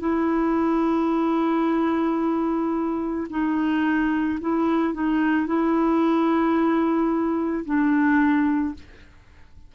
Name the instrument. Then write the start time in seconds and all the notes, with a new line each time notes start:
clarinet
0.00 E4
3.30 D#4
4.40 E4
4.93 D#4
5.46 E4
7.65 D4